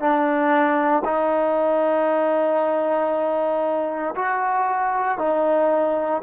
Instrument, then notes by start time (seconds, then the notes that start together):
trombone
0.00 D4
1.04 D#4
4.15 F#4
5.18 D#4